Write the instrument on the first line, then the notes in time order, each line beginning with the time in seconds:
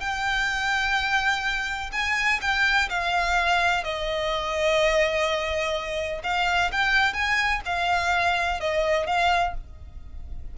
violin
0.00 G5
1.92 G#5
2.41 G5
2.89 F5
3.84 D#5
6.23 F5
6.72 G5
7.13 G#5
7.65 F5
8.60 D#5
9.07 F5